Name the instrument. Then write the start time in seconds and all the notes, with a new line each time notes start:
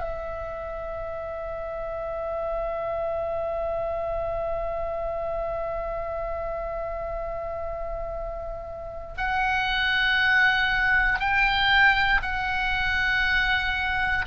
oboe
0.00 E5
9.17 F#5
11.20 G5
12.22 F#5